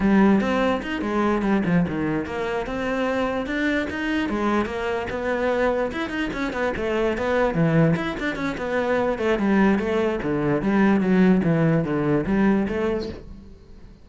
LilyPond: \new Staff \with { instrumentName = "cello" } { \time 4/4 \tempo 4 = 147 g4 c'4 dis'8 gis4 g8 | f8 dis4 ais4 c'4.~ | c'8 d'4 dis'4 gis4 ais8~ | ais8 b2 e'8 dis'8 cis'8 |
b8 a4 b4 e4 e'8 | d'8 cis'8 b4. a8 g4 | a4 d4 g4 fis4 | e4 d4 g4 a4 | }